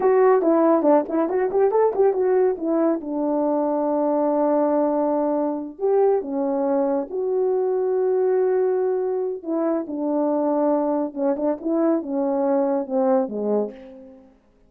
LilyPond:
\new Staff \with { instrumentName = "horn" } { \time 4/4 \tempo 4 = 140 fis'4 e'4 d'8 e'8 fis'8 g'8 | a'8 g'8 fis'4 e'4 d'4~ | d'1~ | d'4. g'4 cis'4.~ |
cis'8 fis'2.~ fis'8~ | fis'2 e'4 d'4~ | d'2 cis'8 d'8 e'4 | cis'2 c'4 gis4 | }